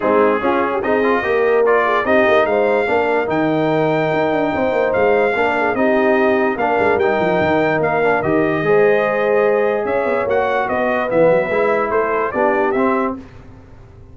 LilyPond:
<<
  \new Staff \with { instrumentName = "trumpet" } { \time 4/4 \tempo 4 = 146 gis'2 dis''2 | d''4 dis''4 f''2 | g''1 | f''2 dis''2 |
f''4 g''2 f''4 | dis''1 | e''4 fis''4 dis''4 e''4~ | e''4 c''4 d''4 e''4 | }
  \new Staff \with { instrumentName = "horn" } { \time 4/4 dis'4 f'8. g'16 gis'4 ais'4~ | ais'8 gis'8 g'4 c''4 ais'4~ | ais'2. c''4~ | c''4 ais'8 gis'8 g'2 |
ais'1~ | ais'4 c''2. | cis''2 b'2~ | b'4 a'4 g'2 | }
  \new Staff \with { instrumentName = "trombone" } { \time 4/4 c'4 cis'4 dis'8 f'8 g'4 | f'4 dis'2 d'4 | dis'1~ | dis'4 d'4 dis'2 |
d'4 dis'2~ dis'8 d'8 | g'4 gis'2.~ | gis'4 fis'2 b4 | e'2 d'4 c'4 | }
  \new Staff \with { instrumentName = "tuba" } { \time 4/4 gis4 cis'4 c'4 ais4~ | ais4 c'8 ais8 gis4 ais4 | dis2 dis'8 d'8 c'8 ais8 | gis4 ais4 c'2 |
ais8 gis8 g8 f8 dis4 ais4 | dis4 gis2. | cis'8 b8 ais4 b4 e8 fis8 | gis4 a4 b4 c'4 | }
>>